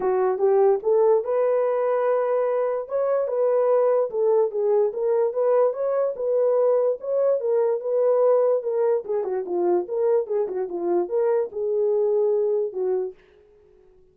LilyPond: \new Staff \with { instrumentName = "horn" } { \time 4/4 \tempo 4 = 146 fis'4 g'4 a'4 b'4~ | b'2. cis''4 | b'2 a'4 gis'4 | ais'4 b'4 cis''4 b'4~ |
b'4 cis''4 ais'4 b'4~ | b'4 ais'4 gis'8 fis'8 f'4 | ais'4 gis'8 fis'8 f'4 ais'4 | gis'2. fis'4 | }